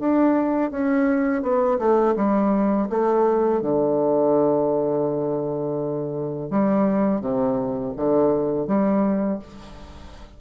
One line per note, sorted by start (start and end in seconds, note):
0.00 0.71 D4
0.71 1.43 C#4
1.43 1.79 B3
1.79 2.15 A3
2.17 2.89 G3
2.90 3.62 A3
3.62 6.51 D3
6.51 7.21 G3
7.21 7.94 C3
7.97 8.67 D3
8.67 9.40 G3